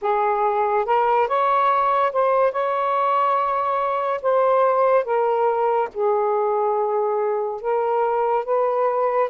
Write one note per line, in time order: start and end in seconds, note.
0.01 0.85 G#4
0.85 1.27 A#4
1.27 2.12 C#5
2.12 2.51 C5
2.51 4.20 C#5
4.21 5.04 C5
5.04 5.88 A#4
5.93 7.61 G#4
7.61 8.45 A#4
8.45 9.29 B4